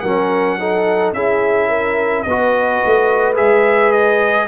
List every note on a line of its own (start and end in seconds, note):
0.00 1.13 F#3
0.00 0.60 C#4
0.00 0.57 A#4
0.00 1.11 F#5
0.59 1.15 D#4
0.59 1.15 A4
1.13 2.24 C#4
1.13 2.26 E4
1.13 1.69 G#4
1.13 2.22 E5
1.69 2.24 A#4
2.22 2.82 B3
2.22 4.48 B4
2.22 3.33 D#5
2.29 3.35 F#4
2.85 3.40 A3
3.35 4.48 G#3
3.35 4.46 G#4
3.35 3.92 E5
3.92 4.48 D#5